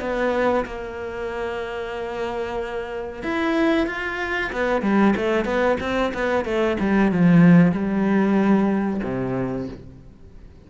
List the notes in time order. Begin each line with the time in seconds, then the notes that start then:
0.00 B3
0.65 A#3
3.23 E4
3.87 F4
4.52 B3
4.82 G3
5.16 A3
5.45 B3
5.80 C4
6.14 B3
6.45 A3
6.79 G3
7.12 F3
7.72 G3
9.03 C3